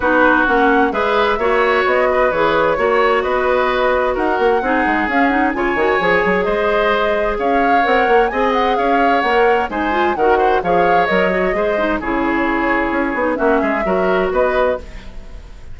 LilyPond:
<<
  \new Staff \with { instrumentName = "flute" } { \time 4/4 \tempo 4 = 130 b'4 fis''4 e''2 | dis''4 cis''2 dis''4~ | dis''4 fis''2 f''8 fis''8 | gis''2 dis''2 |
f''4 fis''4 gis''8 fis''8 f''4 | fis''4 gis''4 fis''4 f''4 | dis''2 cis''2~ | cis''4 e''2 dis''4 | }
  \new Staff \with { instrumentName = "oboe" } { \time 4/4 fis'2 b'4 cis''4~ | cis''8 b'4. cis''4 b'4~ | b'4 ais'4 gis'2 | cis''2 c''2 |
cis''2 dis''4 cis''4~ | cis''4 c''4 ais'8 c''8 cis''4~ | cis''4 c''4 gis'2~ | gis'4 fis'8 gis'8 ais'4 b'4 | }
  \new Staff \with { instrumentName = "clarinet" } { \time 4/4 dis'4 cis'4 gis'4 fis'4~ | fis'4 gis'4 fis'2~ | fis'2 dis'4 cis'8 dis'8 | f'8 fis'8 gis'2.~ |
gis'4 ais'4 gis'2 | ais'4 dis'8 f'8 fis'4 gis'4 | ais'8 fis'8 gis'8 dis'8 e'2~ | e'8 dis'8 cis'4 fis'2 | }
  \new Staff \with { instrumentName = "bassoon" } { \time 4/4 b4 ais4 gis4 ais4 | b4 e4 ais4 b4~ | b4 dis'8 ais8 c'8 gis8 cis'4 | cis8 dis8 f8 fis8 gis2 |
cis'4 c'8 ais8 c'4 cis'4 | ais4 gis4 dis4 f4 | fis4 gis4 cis2 | cis'8 b8 ais8 gis8 fis4 b4 | }
>>